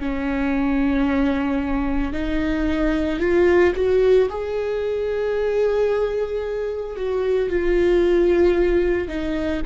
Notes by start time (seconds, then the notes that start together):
0.00 C#4
2.13 D#4
3.20 F4
3.75 F#4
4.30 G#4
6.97 F#4
7.50 F4
9.08 D#4